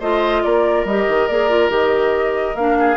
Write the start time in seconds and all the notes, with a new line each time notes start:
0.00 A3 F4 C5 D#5
0.43 A#3 A#4 D5
0.85 G3 G4 D#5
1.09 D#3
1.27 A#3 G#4 D5
1.50 F4
1.70 D#3 G4 D#5
2.55 A#3 D4 F5
2.79 G#4